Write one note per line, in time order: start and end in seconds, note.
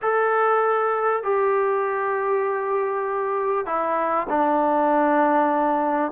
0.01 1.23 A4
1.23 3.66 G4
3.66 4.27 E4
4.29 6.12 D4